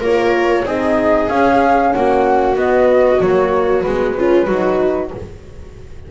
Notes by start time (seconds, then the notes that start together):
0.00 A#3 F4 A#4 C#5
0.65 C4 D#4 G#4 D#5
1.29 C#4 F5
1.93 A#3 F#4 F#5
2.56 B3 D#5
3.20 F#3 A#3 C#5
3.82 G#3 B3 B4
4.16 C#4 F4
4.46 F#3 D#4 F#4